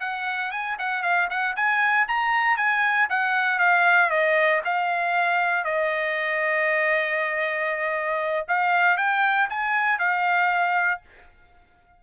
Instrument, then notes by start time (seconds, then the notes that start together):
trumpet
0.00 F#5
0.51 G#5
0.79 F#5
1.03 F5
1.30 F#5
1.56 G#5
2.08 A#5
2.57 G#5
3.10 F#5
3.59 F5
4.10 D#5
4.65 F5
5.64 D#5
8.48 F5
8.97 G5
9.50 G#5
9.99 F5